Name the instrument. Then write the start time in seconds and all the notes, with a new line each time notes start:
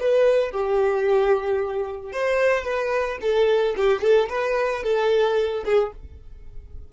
violin
0.00 B4
0.51 G4
2.12 C5
2.65 B4
3.21 A4
3.77 G4
4.01 A4
4.29 B4
4.83 A4
5.65 G#4